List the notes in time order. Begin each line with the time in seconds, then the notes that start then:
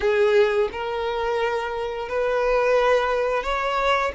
0.00 G#4
0.72 A#4
2.08 B4
3.43 C#5